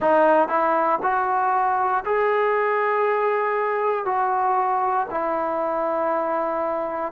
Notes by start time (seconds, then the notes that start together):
0.00 D#4
0.48 E4
1.02 F#4
2.05 G#4
4.05 F#4
5.10 E4